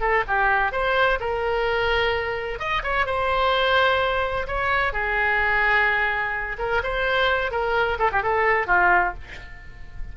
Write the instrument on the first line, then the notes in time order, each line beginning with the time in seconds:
oboe
0.00 A4
0.27 G4
0.72 C5
1.20 A#4
2.59 D#5
2.83 C#5
3.06 C5
4.47 C#5
4.92 G#4
6.58 A#4
6.83 C5
7.51 A#4
7.98 A4
8.12 G4
8.23 A4
8.67 F4